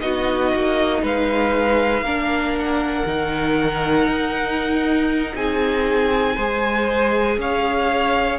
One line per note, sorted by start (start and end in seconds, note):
0.00 0.53 B3
0.00 2.04 D#4
0.00 1.02 F#4
0.00 1.02 D#5
0.54 1.02 A#3
1.02 2.01 G#3
1.02 2.04 B4
1.02 2.58 F5
2.01 3.03 A#3
2.01 3.07 D4
2.01 5.34 A#4
2.58 5.35 F#5
3.06 4.06 D#3
3.06 6.37 D#4
4.06 5.33 D#4
5.35 6.36 C4
5.35 6.35 G#4
5.35 7.39 G#5
6.35 7.37 G#3
6.35 8.38 G#4
6.35 7.37 C5
7.37 8.38 C#4
7.37 8.38 C#5
7.37 8.38 F5